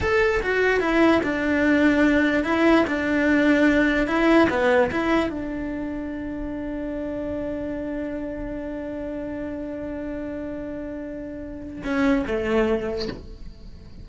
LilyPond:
\new Staff \with { instrumentName = "cello" } { \time 4/4 \tempo 4 = 147 a'4 fis'4 e'4 d'4~ | d'2 e'4 d'4~ | d'2 e'4 b4 | e'4 d'2.~ |
d'1~ | d'1~ | d'1~ | d'4 cis'4 a2 | }